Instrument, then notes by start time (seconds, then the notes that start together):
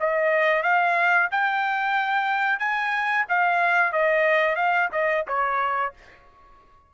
trumpet
0.00 D#5
0.63 F5
1.31 G5
2.59 G#5
3.29 F5
3.93 D#5
4.56 F5
4.92 D#5
5.28 C#5